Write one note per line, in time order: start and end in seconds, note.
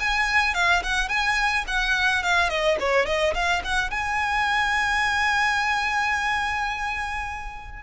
0.00 0.55 G#5
0.55 0.83 F5
0.83 1.09 F#5
1.09 1.65 G#5
1.68 2.23 F#5
2.23 2.49 F5
2.49 2.77 D#5
2.80 3.06 C#5
3.06 3.34 D#5
3.34 3.62 F5
3.64 3.91 F#5
3.91 7.83 G#5